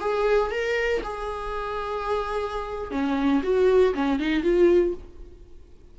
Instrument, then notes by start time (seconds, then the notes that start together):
viola
0.00 G#4
0.51 A#4
1.03 G#4
2.91 C#4
3.43 F#4
3.94 C#4
4.19 D#4
4.43 F4